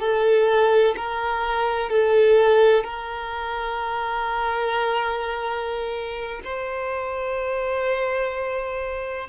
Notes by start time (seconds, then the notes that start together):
0.00 A4
0.97 A#4
1.90 A4
2.84 A#4
6.45 C5